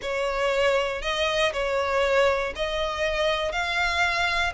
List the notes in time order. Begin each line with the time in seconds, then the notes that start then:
0.02 C#5
1.02 D#5
1.52 C#5
2.55 D#5
3.52 F5